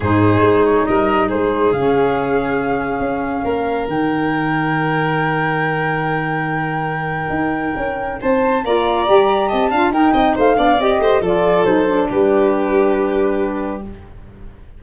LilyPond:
<<
  \new Staff \with { instrumentName = "flute" } { \time 4/4 \tempo 4 = 139 c''4. cis''8 dis''4 c''4 | f''1~ | f''4 g''2.~ | g''1~ |
g''2. a''4 | ais''2 a''4 g''4 | f''4 dis''4 d''4 c''4 | b'1 | }
  \new Staff \with { instrumentName = "violin" } { \time 4/4 gis'2 ais'4 gis'4~ | gis'1 | ais'1~ | ais'1~ |
ais'2. c''4 | d''2 dis''8 f''8 ais'8 dis''8 | c''8 d''4 c''8 a'2 | g'1 | }
  \new Staff \with { instrumentName = "saxophone" } { \time 4/4 dis'1 | cis'1~ | cis'4 dis'2.~ | dis'1~ |
dis'1 | f'4 g'4. f'8 dis'4~ | dis'8 d'8 g'4 f'4 dis'8 d'8~ | d'1 | }
  \new Staff \with { instrumentName = "tuba" } { \time 4/4 gis,4 gis4 g4 gis4 | cis2. cis'4 | ais4 dis2.~ | dis1~ |
dis4 dis'4 cis'4 c'4 | ais4 g4 c'8 d'8 dis'8 c'8 | a8 b8 c'8 a8 f4 fis4 | g1 | }
>>